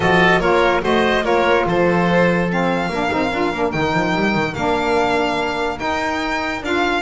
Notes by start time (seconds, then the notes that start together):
0.00 F3 F#4 A4 D#5
0.40 A#3 F4 A#4 C#5
0.81 A3 F#4 C5 D#5
1.22 A#3 F4 A#4 C#5
1.66 F3 A4 C5
2.50 C4 F5
2.89 A#3 D4 A#4
3.09 C4 D#4
3.32 D4 F4
3.52 A#3 D4
3.71 D#3 D#4 G5
3.93 F3
4.15 G3
4.34 D#3
4.54 A#3 D4 F5
5.77 D#4 G5
6.62 D4 F4 F5